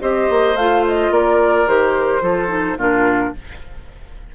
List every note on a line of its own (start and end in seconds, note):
0.00 0.30 C4
0.00 0.56 G4
0.00 1.12 C5
0.00 0.56 D#5
0.30 0.55 A#3
0.55 1.10 A3
0.55 1.67 F4
0.55 0.84 F5
0.87 1.14 D#5
1.10 1.66 A#3
1.10 2.22 A#4
1.10 1.68 D5
1.67 2.22 D#3
1.67 2.21 G4
1.67 2.79 C5
2.21 2.77 F3
2.21 2.48 F4
2.21 2.78 A4
2.48 2.76 D#4
2.77 3.32 A#2
2.77 3.34 D4
2.77 3.33 F4
2.77 3.35 A#4